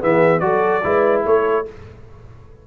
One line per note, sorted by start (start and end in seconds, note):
0.00 0.41 E3
0.00 0.40 B3
0.00 0.41 G#4
0.00 0.39 E5
0.39 0.82 F#3
0.39 0.82 F#4
0.39 0.84 A4
0.39 1.22 D5
0.83 1.25 G#3
0.83 1.65 E4
0.83 1.26 B4
1.25 1.66 A3
1.25 1.67 A4
1.25 1.67 C#5